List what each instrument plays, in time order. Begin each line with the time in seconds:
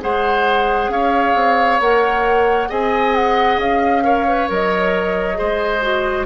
0.00 bassoon G#3, clarinet G#4, oboe C5, flute F#5
0.89 bassoon C#4, oboe C#5, flute F5
1.35 bassoon C4
1.80 bassoon A#3, clarinet A#4, flute F#5
2.69 bassoon C4, clarinet G#4, oboe D#5, flute G#5
3.15 flute F#5
3.58 bassoon C#4, flute F5
4.03 clarinet A#4, oboe C#5
4.28 clarinet B4
4.49 bassoon F#3, clarinet A#4, flute D#5
5.35 bassoon G#3, clarinet G#4, oboe C5
5.82 clarinet F#4